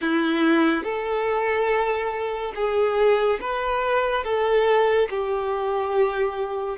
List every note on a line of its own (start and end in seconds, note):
0.01 0.83 E4
0.83 2.52 A4
2.55 3.39 G#4
3.40 4.24 B4
4.24 5.08 A4
5.09 6.77 G4